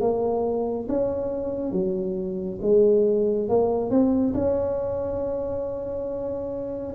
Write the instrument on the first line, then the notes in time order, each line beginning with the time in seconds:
tuba
0.00 A#3
0.88 C#4
1.72 F#3
2.61 G#3
3.49 A#3
3.90 C4
4.34 C#4